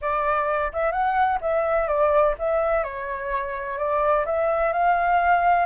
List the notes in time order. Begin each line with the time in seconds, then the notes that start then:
0.01 D5
0.73 E5
0.91 F#5
1.41 E5
1.87 D5
2.39 E5
2.83 C#5
3.78 D5
4.25 E5
4.72 F5